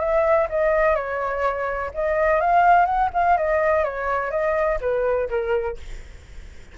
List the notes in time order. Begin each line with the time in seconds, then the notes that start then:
0.00 E5
0.50 D#5
0.96 C#5
1.95 D#5
2.41 F5
2.86 F#5
3.14 F5
3.38 D#5
3.84 C#5
4.31 D#5
4.81 B4
5.30 A#4